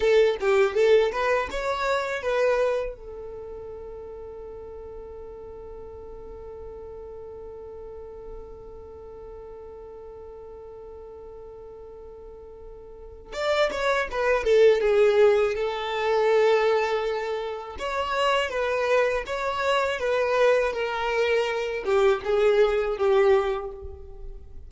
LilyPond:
\new Staff \with { instrumentName = "violin" } { \time 4/4 \tempo 4 = 81 a'8 g'8 a'8 b'8 cis''4 b'4 | a'1~ | a'1~ | a'1~ |
a'2 d''8 cis''8 b'8 a'8 | gis'4 a'2. | cis''4 b'4 cis''4 b'4 | ais'4. g'8 gis'4 g'4 | }